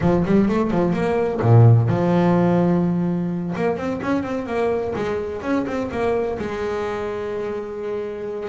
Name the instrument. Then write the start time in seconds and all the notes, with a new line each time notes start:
double bass
0.00 F3
0.25 G3
0.48 A3
0.70 F3
0.93 A#3
1.41 A#2
1.88 F3
3.55 A#3
3.76 C4
4.02 C#4
4.22 C4
4.46 A#3
4.95 G#3
5.42 C#4
5.66 C4
5.91 A#3
6.39 G#3